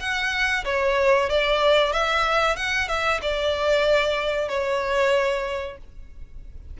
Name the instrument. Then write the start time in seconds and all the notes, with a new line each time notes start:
violin
0.00 F#5
0.65 C#5
1.30 D5
1.93 E5
2.56 F#5
2.88 E5
3.22 D5
4.49 C#5